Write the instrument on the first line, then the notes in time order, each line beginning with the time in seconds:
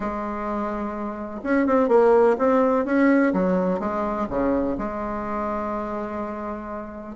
bassoon
0.00 G#3
1.43 C#4
1.66 C4
1.88 A#3
2.38 C4
2.85 C#4
3.33 F#3
3.79 G#3
4.29 C#3
4.78 G#3